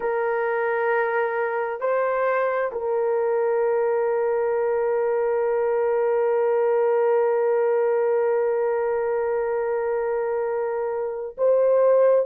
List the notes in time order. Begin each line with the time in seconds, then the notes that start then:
0.00 A#4
1.80 C5
2.72 A#4
11.37 C5